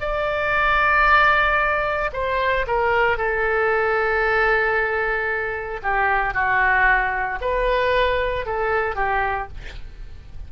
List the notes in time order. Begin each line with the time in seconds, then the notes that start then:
0.00 D5
2.13 C5
2.67 A#4
3.18 A4
5.82 G4
6.34 F#4
7.41 B4
8.45 A4
8.95 G4